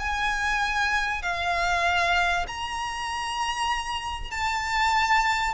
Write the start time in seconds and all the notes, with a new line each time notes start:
0.00 G#5
1.23 F5
2.48 A#5
4.31 A5